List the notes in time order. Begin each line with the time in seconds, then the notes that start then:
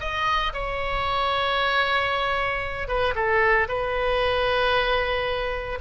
0.00 D#5
0.53 C#5
2.88 B4
3.15 A4
3.68 B4